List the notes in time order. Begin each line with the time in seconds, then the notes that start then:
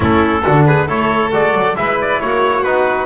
0.00 A3 C#4 E4 A4
0.43 D3 D4 F#4
0.65 G#4 B4
0.87 A3 E4 A4 C#5
1.31 G#3 F#4 D5
1.54 F#3
1.75 G#3 E4 B4 E5
2.01 D5
2.21 A#3 F#4 C#5
2.63 B3 D#4 B4